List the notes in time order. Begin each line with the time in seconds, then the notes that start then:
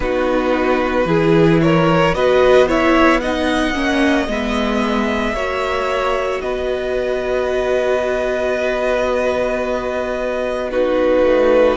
0.00 B3 D#4 F#4 B4
1.05 E3 E4 G#4
1.61 A#4 C#5
2.14 B3 F#4 B4 D#5
2.67 E4 C#5 E5
3.20 D#4 D#5 F#5
3.73 A#3 C#4
4.27 G#3 B3 E5
5.33 A#3 F#4 C#5
6.40 B3 B4 D#5
10.71 D#4 F#4 B4
11.23 A3